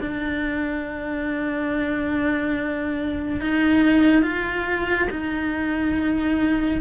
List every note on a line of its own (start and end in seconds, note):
0.00 3.41 D4
3.41 4.23 D#4
4.23 5.08 F4
5.10 6.81 D#4